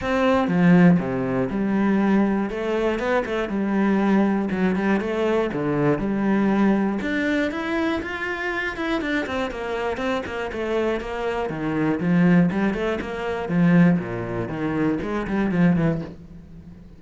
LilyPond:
\new Staff \with { instrumentName = "cello" } { \time 4/4 \tempo 4 = 120 c'4 f4 c4 g4~ | g4 a4 b8 a8 g4~ | g4 fis8 g8 a4 d4 | g2 d'4 e'4 |
f'4. e'8 d'8 c'8 ais4 | c'8 ais8 a4 ais4 dis4 | f4 g8 a8 ais4 f4 | ais,4 dis4 gis8 g8 f8 e8 | }